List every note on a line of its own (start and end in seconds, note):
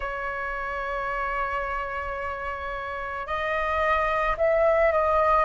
0.00 3.26 C#5
3.26 4.35 D#5
4.37 4.91 E5
4.91 5.44 D#5